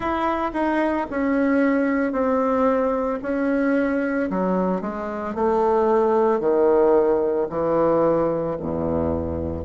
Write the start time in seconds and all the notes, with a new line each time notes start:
0.00 E4
0.53 D#4
1.10 C#4
2.12 C4
3.22 C#4
4.30 F#3
4.81 G#3
5.35 A3
6.39 D#3
7.49 E3
8.60 E2